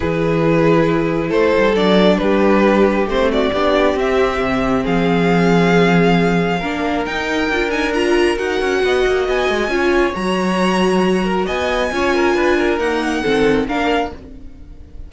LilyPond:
<<
  \new Staff \with { instrumentName = "violin" } { \time 4/4 \tempo 4 = 136 b'2. c''4 | d''4 b'2 c''8 d''8~ | d''4 e''2 f''4~ | f''1 |
g''4. gis''8 ais''4 fis''4~ | fis''4 gis''2 ais''4~ | ais''2 gis''2~ | gis''4 fis''2 f''4 | }
  \new Staff \with { instrumentName = "violin" } { \time 4/4 gis'2. a'4~ | a'4 g'2~ g'8 fis'8 | g'2. gis'4~ | gis'2. ais'4~ |
ais'1 | dis''2 cis''2~ | cis''4. ais'8 dis''4 cis''8 ais'8 | b'8 ais'4. a'4 ais'4 | }
  \new Staff \with { instrumentName = "viola" } { \time 4/4 e'1 | d'2. c'4 | d'4 c'2.~ | c'2. d'4 |
dis'4 f'8 dis'8 f'4 fis'4~ | fis'2 f'4 fis'4~ | fis'2. f'4~ | f'4 ais4 c'4 d'4 | }
  \new Staff \with { instrumentName = "cello" } { \time 4/4 e2. a8 g8 | fis4 g2 a4 | b4 c'4 c4 f4~ | f2. ais4 |
dis'4 d'2 dis'8 cis'8 | b8 ais8 b8 gis8 cis'4 fis4~ | fis2 b4 cis'4 | d'4 dis'4 dis4 ais4 | }
>>